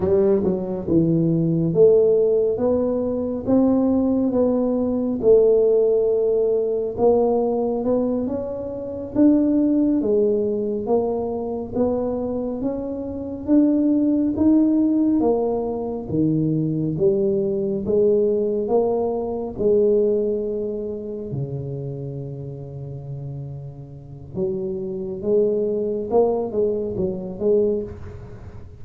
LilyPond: \new Staff \with { instrumentName = "tuba" } { \time 4/4 \tempo 4 = 69 g8 fis8 e4 a4 b4 | c'4 b4 a2 | ais4 b8 cis'4 d'4 gis8~ | gis8 ais4 b4 cis'4 d'8~ |
d'8 dis'4 ais4 dis4 g8~ | g8 gis4 ais4 gis4.~ | gis8 cis2.~ cis8 | fis4 gis4 ais8 gis8 fis8 gis8 | }